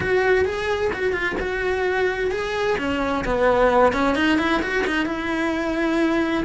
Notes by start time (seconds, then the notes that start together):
0.00 F#4
0.45 G#4
0.92 F#4
1.12 F4
1.40 F#4
2.31 G#4
2.78 C#4
3.24 B3
3.92 C#4
4.15 D#4
4.38 E4
4.62 F#4
4.87 D#4
5.05 E4